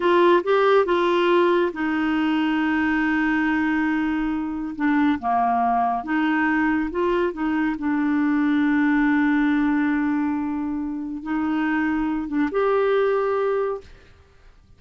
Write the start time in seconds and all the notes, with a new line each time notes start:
0.00 F4
0.43 G4
0.85 F4
1.73 D#4
4.75 D4
5.19 A#3
6.03 D#4
6.90 F4
7.33 D#4
7.78 D4
11.22 D#4
12.27 D4
12.51 G4